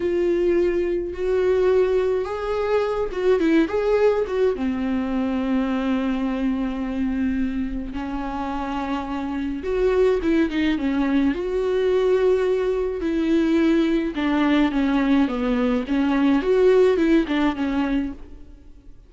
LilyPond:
\new Staff \with { instrumentName = "viola" } { \time 4/4 \tempo 4 = 106 f'2 fis'2 | gis'4. fis'8 e'8 gis'4 fis'8 | c'1~ | c'2 cis'2~ |
cis'4 fis'4 e'8 dis'8 cis'4 | fis'2. e'4~ | e'4 d'4 cis'4 b4 | cis'4 fis'4 e'8 d'8 cis'4 | }